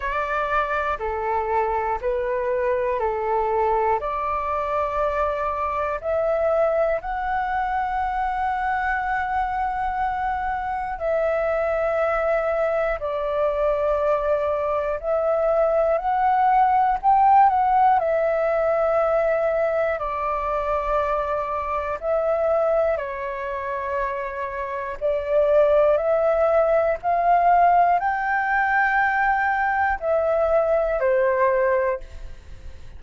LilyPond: \new Staff \with { instrumentName = "flute" } { \time 4/4 \tempo 4 = 60 d''4 a'4 b'4 a'4 | d''2 e''4 fis''4~ | fis''2. e''4~ | e''4 d''2 e''4 |
fis''4 g''8 fis''8 e''2 | d''2 e''4 cis''4~ | cis''4 d''4 e''4 f''4 | g''2 e''4 c''4 | }